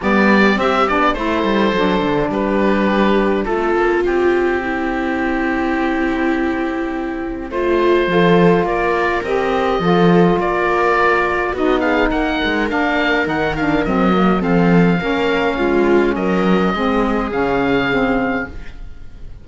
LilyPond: <<
  \new Staff \with { instrumentName = "oboe" } { \time 4/4 \tempo 4 = 104 d''4 e''8 d''8 c''2 | b'2 a'4 g'4~ | g'1~ | g'4 c''2 d''4 |
dis''2 d''2 | dis''8 f''8 fis''4 f''4 fis''8 f''8 | dis''4 f''2. | dis''2 f''2 | }
  \new Staff \with { instrumentName = "viola" } { \time 4/4 g'2 a'2 | g'2 f'2 | e'1~ | e'4 f'4 a'4 ais'4~ |
ais'4 a'4 ais'2 | fis'8 gis'8 ais'2.~ | ais'4 a'4 ais'4 f'4 | ais'4 gis'2. | }
  \new Staff \with { instrumentName = "saxophone" } { \time 4/4 b4 c'8 d'8 e'4 d'4~ | d'2 c'2~ | c'1~ | c'2 f'2 |
g'4 f'2. | dis'2 d'4 dis'8 d'8 | c'8 ais8 c'4 cis'2~ | cis'4 c'4 cis'4 c'4 | }
  \new Staff \with { instrumentName = "cello" } { \time 4/4 g4 c'8 b8 a8 g8 fis8 d8 | g2 a8 ais8 c'4~ | c'1~ | c'4 a4 f4 ais4 |
c'4 f4 ais2 | b4 ais8 gis8 ais4 dis4 | fis4 f4 ais4 gis4 | fis4 gis4 cis2 | }
>>